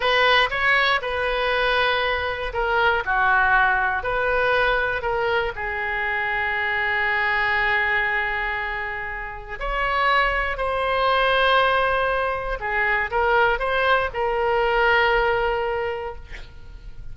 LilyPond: \new Staff \with { instrumentName = "oboe" } { \time 4/4 \tempo 4 = 119 b'4 cis''4 b'2~ | b'4 ais'4 fis'2 | b'2 ais'4 gis'4~ | gis'1~ |
gis'2. cis''4~ | cis''4 c''2.~ | c''4 gis'4 ais'4 c''4 | ais'1 | }